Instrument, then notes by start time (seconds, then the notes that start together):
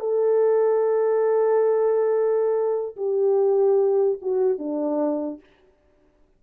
horn
0.00 A4
2.97 G4
4.22 F#4
4.58 D4